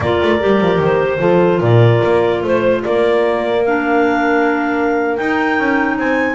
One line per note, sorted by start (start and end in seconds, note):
0.00 0.20 A#3
0.00 0.40 F4
0.00 1.19 A#4
0.00 0.82 D5
0.23 0.43 A3
0.40 0.60 G3
0.40 1.18 G4
0.60 0.79 F3
0.79 1.20 D#3
0.79 1.62 C5
1.18 1.60 F3
1.18 3.61 F4
1.18 1.58 A4
1.58 2.01 A#2
1.58 2.39 A#4
1.58 2.43 D5
2.03 2.43 A#3
2.43 2.84 A3
2.43 2.84 C5
2.84 5.18 A#3
2.84 5.98 A#4
2.84 3.65 D5
3.65 5.18 D4
3.65 5.16 F5
5.16 6.34 D#4
5.16 5.59 D#4
5.16 5.97 G5
5.59 5.97 C#4
5.97 6.34 C4
5.97 6.34 C5
5.97 6.34 G#5